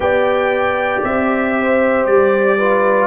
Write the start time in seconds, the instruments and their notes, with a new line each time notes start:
0.00 tuba B3, trombone G4, horn D5, trumpet G5
1.03 tuba C4, trumpet E5
1.58 horn C5
2.06 tuba G3, trumpet D5
2.57 trombone F4, horn B4